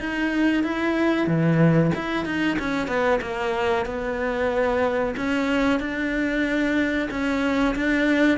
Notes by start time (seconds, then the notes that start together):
0.00 D#4
0.63 E4
1.27 E3
1.95 E4
2.26 D#4
2.59 C#4
2.88 B3
3.22 A#3
3.86 B3
5.17 C#4
5.80 D4
7.11 C#4
7.76 D4